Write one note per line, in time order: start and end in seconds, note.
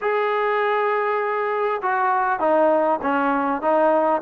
0.01 1.81 G#4
1.82 2.39 F#4
2.39 2.99 D#4
3.02 3.61 C#4
3.61 4.21 D#4